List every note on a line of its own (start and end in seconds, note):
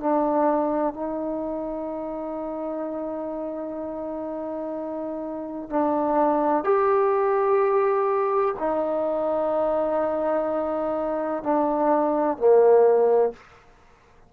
0.00 0.94 D4
0.94 5.70 D#4
5.70 6.64 D4
6.64 8.55 G4
8.58 11.43 D#4
11.43 12.38 D4
12.38 13.33 A#3